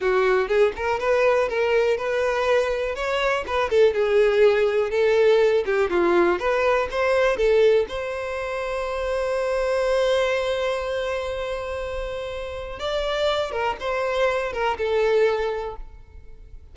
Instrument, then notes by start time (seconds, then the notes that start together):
violin
0.00 F#4
0.48 G#4
0.76 A#4
0.99 B4
1.49 A#4
1.97 B4
2.95 C#5
3.46 B4
3.69 A4
3.93 G#4
4.90 A4
5.65 G4
5.89 F4
6.39 B4
6.91 C5
7.36 A4
7.88 C5
12.79 D5
13.51 A#4
13.80 C5
14.52 A#4
14.77 A4